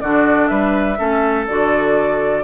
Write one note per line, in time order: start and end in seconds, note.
0.00 0.50 D3
0.00 0.97 D4
0.00 0.49 F#4
0.00 0.47 D5
0.47 0.98 G3
0.47 0.98 B4
0.47 1.45 E5
0.97 1.48 A3
0.97 1.46 C#4
0.97 2.43 A4
1.47 2.43 D3
1.47 2.43 F#4
1.47 2.43 D5